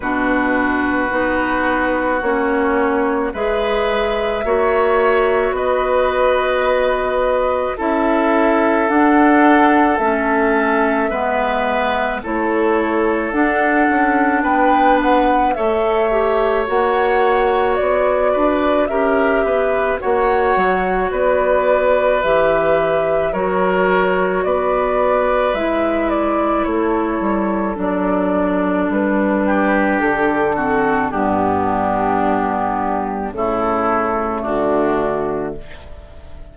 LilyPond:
<<
  \new Staff \with { instrumentName = "flute" } { \time 4/4 \tempo 4 = 54 b'2 cis''4 e''4~ | e''4 dis''2 e''4 | fis''4 e''2 cis''4 | fis''4 g''8 fis''8 e''4 fis''4 |
d''4 e''4 fis''4 d''4 | e''4 cis''4 d''4 e''8 d''8 | cis''4 d''4 b'4 a'4 | g'2 a'4 fis'4 | }
  \new Staff \with { instrumentName = "oboe" } { \time 4/4 fis'2. b'4 | cis''4 b'2 a'4~ | a'2 b'4 a'4~ | a'4 b'4 cis''2~ |
cis''8 b'8 ais'8 b'8 cis''4 b'4~ | b'4 ais'4 b'2 | a'2~ a'8 g'4 fis'8 | d'2 e'4 d'4 | }
  \new Staff \with { instrumentName = "clarinet" } { \time 4/4 d'4 dis'4 cis'4 gis'4 | fis'2. e'4 | d'4 cis'4 b4 e'4 | d'2 a'8 g'8 fis'4~ |
fis'4 g'4 fis'2 | g'4 fis'2 e'4~ | e'4 d'2~ d'8 c'8 | b2 a2 | }
  \new Staff \with { instrumentName = "bassoon" } { \time 4/4 b,4 b4 ais4 gis4 | ais4 b2 cis'4 | d'4 a4 gis4 a4 | d'8 cis'8 b4 a4 ais4 |
b8 d'8 cis'8 b8 ais8 fis8 b4 | e4 fis4 b4 gis4 | a8 g8 fis4 g4 d4 | g,2 cis4 d4 | }
>>